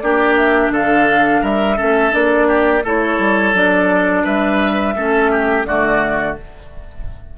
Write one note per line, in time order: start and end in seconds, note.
0.00 0.70 A#3
0.00 1.77 D4
0.00 0.73 G4
0.00 0.35 D5
0.37 0.72 E5
0.70 1.41 D3
0.70 1.41 A4
0.70 1.45 F5
1.41 1.77 G3
1.41 1.77 A#4
1.41 2.14 E5
1.77 2.14 A3
1.77 2.11 C#4
1.77 2.47 A4
2.11 2.84 A#3
2.11 2.82 D4
2.11 2.85 D5
2.48 2.83 G4
2.84 3.19 A3
2.84 3.54 E4
2.84 4.24 A4
2.84 3.56 C#5
3.19 3.53 G3
3.53 4.24 F#3
3.53 4.96 D4
3.53 4.25 D5
4.24 4.96 G3
4.24 4.94 B4
4.24 5.65 E5
4.96 5.66 A3
4.96 5.67 C#4
4.96 5.31 A4
5.31 5.67 G4
5.65 6.36 D3
5.65 6.37 A3
5.65 6.38 F#4
5.65 6.36 D5